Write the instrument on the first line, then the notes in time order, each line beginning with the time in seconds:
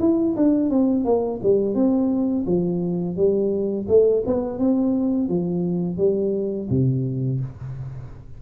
tuba
0.00 E4
0.37 D4
0.70 C4
1.05 A#3
1.43 G3
1.75 C4
2.46 F3
3.16 G3
3.88 A3
4.27 B3
4.59 C4
5.29 F3
5.98 G3
6.70 C3